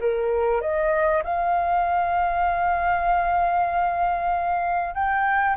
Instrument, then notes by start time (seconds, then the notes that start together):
flute
0.00 A#4
0.61 D#5
1.24 F5
4.94 G5